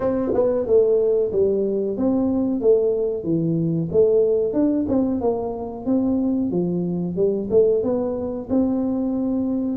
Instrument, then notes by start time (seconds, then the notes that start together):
tuba
0.00 C4
0.34 B3
0.66 A3
1.32 G3
1.97 C4
2.61 A3
3.23 E3
3.92 A3
4.53 D4
4.88 C4
5.20 A#3
5.85 C4
6.50 F3
7.16 G3
7.50 A3
7.83 B3
8.49 C4